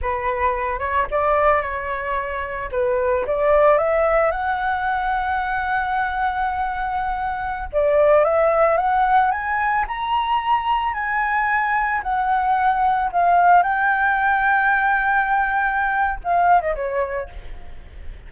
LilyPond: \new Staff \with { instrumentName = "flute" } { \time 4/4 \tempo 4 = 111 b'4. cis''8 d''4 cis''4~ | cis''4 b'4 d''4 e''4 | fis''1~ | fis''2~ fis''16 d''4 e''8.~ |
e''16 fis''4 gis''4 ais''4.~ ais''16~ | ais''16 gis''2 fis''4.~ fis''16~ | fis''16 f''4 g''2~ g''8.~ | g''2 f''8. dis''16 cis''4 | }